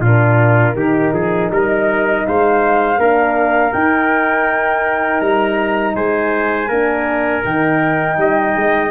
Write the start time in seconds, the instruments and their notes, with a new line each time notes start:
0.00 tuba A#2, horn D4, trumpet F4, flute A#4
0.75 tuba D#3, horn D#4, trumpet G4
1.13 tuba F3, trumpet G#4
1.50 tuba G3, trumpet A#4, flute D#5
2.26 tuba G#3, trumpet C5, flute F5
2.97 tuba A#3, horn D4, trumpet A#4
3.72 horn D#4, tuba D#4, flute G5
5.20 tuba G3, flute A#5
5.95 tuba G#3, trumpet C5, flute G#5
6.68 tuba A#3, horn D4, trumpet A#4
7.44 tuba D#3, horn D#4, flute G5
8.17 tuba G3, trumpet D#5
8.56 tuba G#3